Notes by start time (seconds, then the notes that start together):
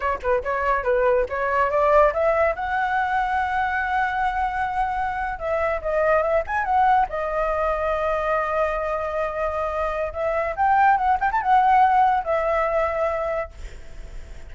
0.00 C#5
0.22 B4
0.43 C#5
0.83 B4
1.29 C#5
1.70 D5
2.13 E5
2.55 F#5
5.38 E5
5.81 D#5
6.22 E5
6.46 G#5
6.64 F#5
7.09 D#5
10.13 E5
10.55 G5
10.97 F#5
11.20 G5
11.31 A5
11.41 F#5
12.24 E5